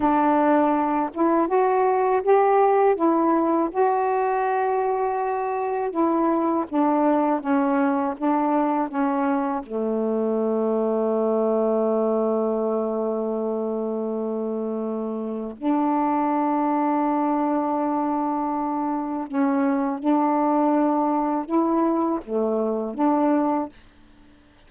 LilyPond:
\new Staff \with { instrumentName = "saxophone" } { \time 4/4 \tempo 4 = 81 d'4. e'8 fis'4 g'4 | e'4 fis'2. | e'4 d'4 cis'4 d'4 | cis'4 a2.~ |
a1~ | a4 d'2.~ | d'2 cis'4 d'4~ | d'4 e'4 a4 d'4 | }